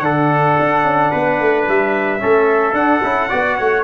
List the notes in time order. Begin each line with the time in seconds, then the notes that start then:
0.00 D3 D4 A4 F#5
0.59 D4
0.83 C#4
1.11 B3 B4
1.40 A3
1.68 G3 E5
2.19 A3 C#4 A4
2.72 D4 F#5
3.03 C#4 E4
3.29 B3 F#4 D5
3.57 A3 C#5